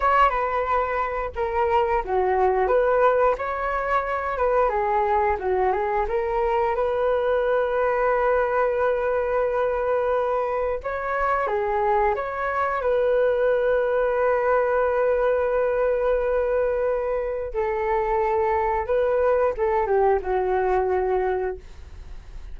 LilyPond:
\new Staff \with { instrumentName = "flute" } { \time 4/4 \tempo 4 = 89 cis''8 b'4. ais'4 fis'4 | b'4 cis''4. b'8 gis'4 | fis'8 gis'8 ais'4 b'2~ | b'1 |
cis''4 gis'4 cis''4 b'4~ | b'1~ | b'2 a'2 | b'4 a'8 g'8 fis'2 | }